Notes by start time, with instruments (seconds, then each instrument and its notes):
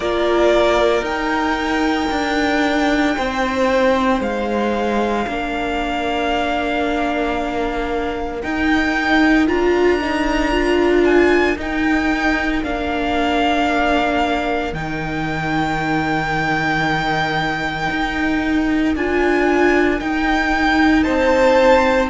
0.00 cello A#3, viola F4, violin A#4 D5
1.01 cello D#4, viola D#4, violin G5
2.11 cello D4
3.16 cello C4, violin C5
4.20 cello G#3, violin F5
5.26 cello A#3, viola D4, violin A#4
8.42 viola D#4, cello D#4, violin G5
9.47 cello D4, viola F4, violin A#5
10.00 viola D#4
10.51 viola F4
11.04 violin G#5
11.57 cello D#4, viola D#4, violin G5
12.63 cello A#3, viola D4, violin F5
14.73 cello D#3, viola D#4, violin G5
17.90 cello D#4
18.95 cello D4, viola F4, violin G#5
19.99 viola D#4, cello D#4, violin G5
21.03 cello C4, violin C5 A5